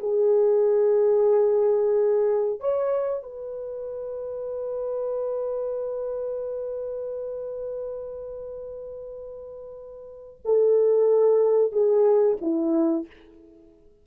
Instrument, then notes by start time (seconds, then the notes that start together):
horn
0.00 G#4
2.60 C#5
3.23 B4
10.45 A4
11.72 G#4
12.42 E4